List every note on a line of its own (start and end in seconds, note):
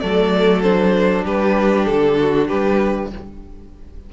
0.00 1.25 F#3
0.00 0.64 A3
0.00 1.25 A4
0.00 0.62 D5
0.62 3.11 D4
0.62 1.24 C5
1.25 1.87 G3
1.25 2.18 G4
1.25 1.86 B4
1.86 2.50 D3
1.86 2.47 A4
2.20 2.48 F#4
2.48 3.13 G3
2.48 3.10 G4
2.48 3.10 B4